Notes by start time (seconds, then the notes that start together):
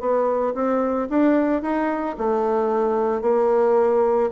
0.00 B3
0.55 C4
1.10 D4
1.62 D#4
2.18 A3
3.22 A#3